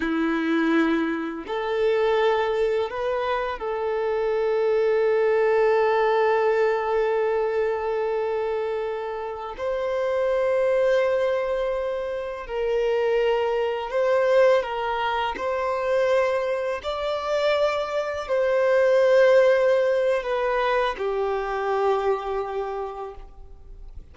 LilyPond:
\new Staff \with { instrumentName = "violin" } { \time 4/4 \tempo 4 = 83 e'2 a'2 | b'4 a'2.~ | a'1~ | a'4~ a'16 c''2~ c''8.~ |
c''4~ c''16 ais'2 c''8.~ | c''16 ais'4 c''2 d''8.~ | d''4~ d''16 c''2~ c''8. | b'4 g'2. | }